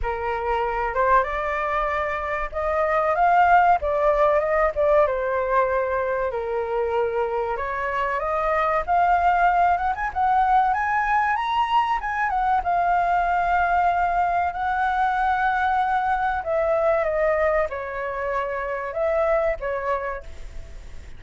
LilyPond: \new Staff \with { instrumentName = "flute" } { \time 4/4 \tempo 4 = 95 ais'4. c''8 d''2 | dis''4 f''4 d''4 dis''8 d''8 | c''2 ais'2 | cis''4 dis''4 f''4. fis''16 gis''16 |
fis''4 gis''4 ais''4 gis''8 fis''8 | f''2. fis''4~ | fis''2 e''4 dis''4 | cis''2 e''4 cis''4 | }